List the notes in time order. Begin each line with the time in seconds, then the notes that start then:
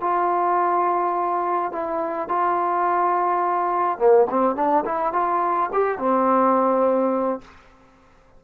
0.00 F4
1.72 E4
2.28 F4
3.98 A#3
4.30 C4
4.55 D4
4.85 E4
5.12 F4
5.73 G4
5.98 C4